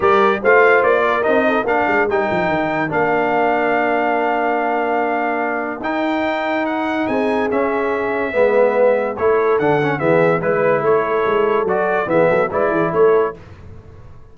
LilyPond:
<<
  \new Staff \with { instrumentName = "trumpet" } { \time 4/4 \tempo 4 = 144 d''4 f''4 d''4 dis''4 | f''4 g''2 f''4~ | f''1~ | f''2 g''2 |
fis''4 gis''4 e''2~ | e''2 cis''4 fis''4 | e''4 b'4 cis''2 | d''4 e''4 d''4 cis''4 | }
  \new Staff \with { instrumentName = "horn" } { \time 4/4 ais'4 c''4. ais'4 a'8 | ais'1~ | ais'1~ | ais'1~ |
ais'4 gis'2. | b'2 a'2 | gis'4 b'4 a'2~ | a'4 gis'8 a'8 b'8 gis'8 a'4 | }
  \new Staff \with { instrumentName = "trombone" } { \time 4/4 g'4 f'2 dis'4 | d'4 dis'2 d'4~ | d'1~ | d'2 dis'2~ |
dis'2 cis'2 | b2 e'4 d'8 cis'8 | b4 e'2. | fis'4 b4 e'2 | }
  \new Staff \with { instrumentName = "tuba" } { \time 4/4 g4 a4 ais4 c'4 | ais8 gis8 g8 f8 dis4 ais4~ | ais1~ | ais2 dis'2~ |
dis'4 c'4 cis'2 | gis2 a4 d4 | e4 gis4 a4 gis4 | fis4 e8 fis8 gis8 e8 a4 | }
>>